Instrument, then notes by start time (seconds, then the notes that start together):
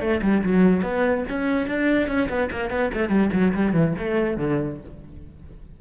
cello
0.00 A3
0.22 G3
0.43 F#3
0.82 B3
1.29 C#4
1.67 D4
2.07 C#4
2.29 B3
2.51 A#3
2.70 B3
2.93 A3
3.09 G3
3.32 F#3
3.53 G3
3.72 E3
3.98 A3
4.37 D3